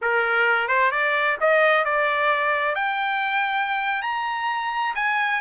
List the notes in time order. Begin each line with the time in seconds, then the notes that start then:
0.01 A#4
0.68 C5
0.91 D5
1.40 D#5
1.84 D5
2.75 G5
4.02 A#5
4.95 G#5